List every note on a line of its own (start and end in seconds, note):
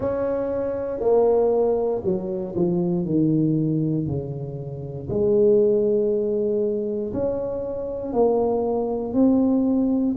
0.00 1.00 C#4
1.00 2.02 A#3
2.03 2.54 F#3
2.55 3.05 F3
3.05 4.06 D#3
4.06 5.08 C#3
5.09 7.12 G#3
7.13 8.12 C#4
8.12 9.13 A#3
9.13 10.15 C4